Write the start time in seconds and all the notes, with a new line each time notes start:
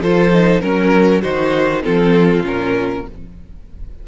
0.00 F3 F4 A4 C5
0.33 D#4
0.61 F#3 C#4 A#4
1.22 D#3 D#4 F#4 C5
1.83 F3 C4 F4 A4
2.41 A#2 C#4 A#4